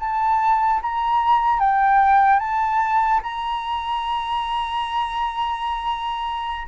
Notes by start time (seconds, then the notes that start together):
0.00 A5
0.83 A#5
1.60 G5
2.40 A5
3.23 A#5